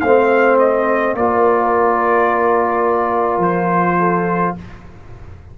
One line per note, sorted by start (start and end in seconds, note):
0.00 1.14 A3
0.00 1.18 C4
0.00 1.16 C5
0.00 0.57 F5
0.58 1.15 D#5
1.14 3.38 A#3
1.14 4.58 F4
1.14 3.98 A#4
1.14 3.42 D5
3.38 4.51 F3
3.38 4.55 C5
3.98 4.54 A4